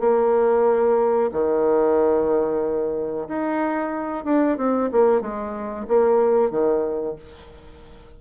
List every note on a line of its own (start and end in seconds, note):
0.00 1.30 A#3
1.33 3.28 D#3
3.28 4.25 D#4
4.25 4.58 D4
4.58 4.90 C4
4.92 5.21 A#3
5.21 5.86 G#3
5.88 6.51 A#3
6.51 7.16 D#3